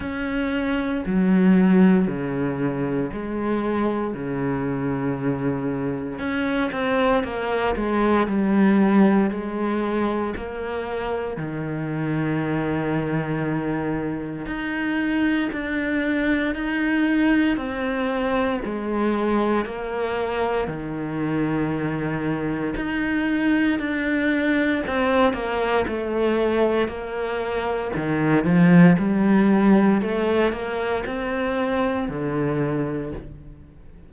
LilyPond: \new Staff \with { instrumentName = "cello" } { \time 4/4 \tempo 4 = 58 cis'4 fis4 cis4 gis4 | cis2 cis'8 c'8 ais8 gis8 | g4 gis4 ais4 dis4~ | dis2 dis'4 d'4 |
dis'4 c'4 gis4 ais4 | dis2 dis'4 d'4 | c'8 ais8 a4 ais4 dis8 f8 | g4 a8 ais8 c'4 d4 | }